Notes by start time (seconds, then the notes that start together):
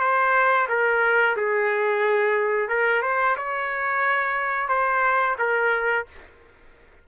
0.00 C5
0.69 A#4
1.37 G#4
2.68 A#4
3.02 C5
3.37 C#5
4.69 C5
5.39 A#4